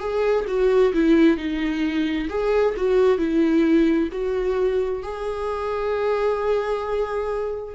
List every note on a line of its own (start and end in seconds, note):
0.00 0.45 G#4
0.48 0.93 F#4
0.94 1.38 E4
1.38 2.29 D#4
2.29 2.75 G#4
2.77 3.19 F#4
3.19 4.10 E4
4.12 5.03 F#4
5.03 7.75 G#4